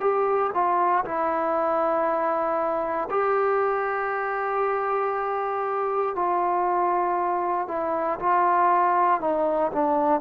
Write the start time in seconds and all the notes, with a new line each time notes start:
0.00 G4
0.54 F4
1.05 E4
3.10 G4
6.15 F4
7.68 E4
8.19 F4
9.21 D#4
9.72 D4